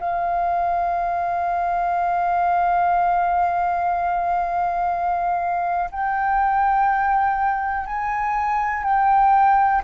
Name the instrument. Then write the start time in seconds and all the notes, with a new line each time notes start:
flute
0.00 F5
5.92 G5
7.87 G#5
8.84 G5